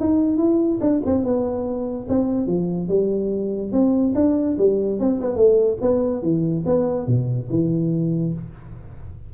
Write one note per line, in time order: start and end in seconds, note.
0.00 0.37 D#4
0.37 0.79 E4
0.81 1.02 D4
1.06 1.24 C4
1.24 2.07 B3
2.09 2.47 C4
2.47 2.88 F3
2.89 3.72 G3
3.72 4.14 C4
4.15 4.57 D4
4.58 5.00 G3
5.00 5.21 C4
5.21 5.36 B3
5.36 5.78 A3
5.81 6.23 B3
6.23 6.64 E3
6.66 7.07 B3
7.07 7.48 B2
7.50 8.33 E3